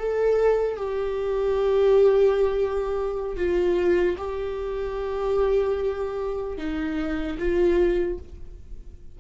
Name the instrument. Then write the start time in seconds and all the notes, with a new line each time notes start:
viola
0.00 A4
0.77 G4
3.37 F4
4.18 G4
6.58 D#4
7.39 F4